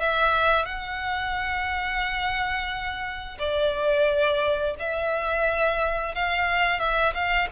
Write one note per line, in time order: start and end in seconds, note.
0.00 0.65 E5
0.65 3.38 F#5
3.39 4.75 D5
4.79 6.15 E5
6.15 6.80 F5
6.80 7.14 E5
7.14 7.48 F5